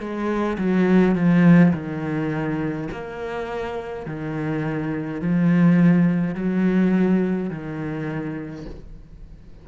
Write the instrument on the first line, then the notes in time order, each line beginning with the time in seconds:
cello
0.00 G#3
0.58 F#3
1.15 F3
1.74 D#3
2.92 A#3
4.06 D#3
5.21 F3
6.35 F#3
7.51 D#3